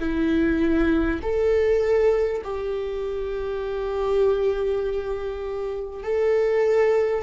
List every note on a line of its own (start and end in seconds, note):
0.00 1.20 E4
1.23 2.43 A4
2.44 6.04 G4
6.04 7.23 A4